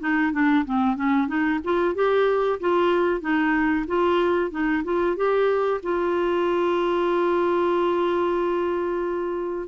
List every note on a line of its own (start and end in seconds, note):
0.00 0.32 D#4
0.32 0.65 D4
0.65 0.96 C4
0.96 1.27 C#4
1.27 1.60 D#4
1.64 1.94 F4
1.94 2.59 G4
2.60 3.21 F4
3.21 3.85 D#4
3.87 4.50 F4
4.50 4.83 D#4
4.84 5.16 F4
5.16 5.81 G4
5.83 9.68 F4